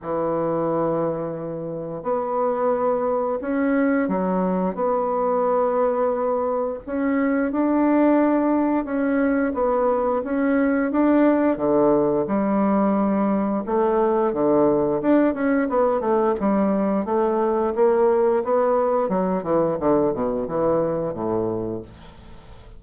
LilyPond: \new Staff \with { instrumentName = "bassoon" } { \time 4/4 \tempo 4 = 88 e2. b4~ | b4 cis'4 fis4 b4~ | b2 cis'4 d'4~ | d'4 cis'4 b4 cis'4 |
d'4 d4 g2 | a4 d4 d'8 cis'8 b8 a8 | g4 a4 ais4 b4 | fis8 e8 d8 b,8 e4 a,4 | }